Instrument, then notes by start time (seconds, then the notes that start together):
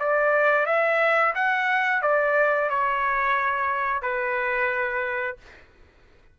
trumpet
0.00 D5
0.66 E5
1.35 F#5
2.02 D5
2.70 C#5
4.02 B4